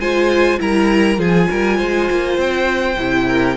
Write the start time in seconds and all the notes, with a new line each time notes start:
0.00 G#3 F4 C5 G#5
0.60 G3 E4 A#4 A#5
1.17 F3 F4 G#4 G#5
1.50 G3 A#4
1.77 G#3 C5
2.11 A#3
2.38 C4 G5
2.98 C3 E4
3.27 A#4